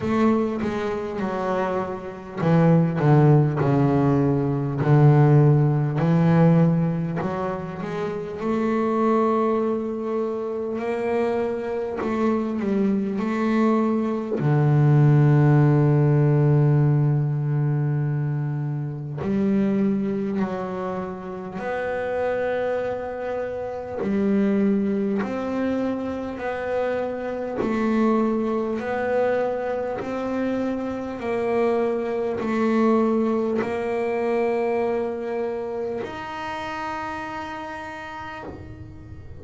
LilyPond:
\new Staff \with { instrumentName = "double bass" } { \time 4/4 \tempo 4 = 50 a8 gis8 fis4 e8 d8 cis4 | d4 e4 fis8 gis8 a4~ | a4 ais4 a8 g8 a4 | d1 |
g4 fis4 b2 | g4 c'4 b4 a4 | b4 c'4 ais4 a4 | ais2 dis'2 | }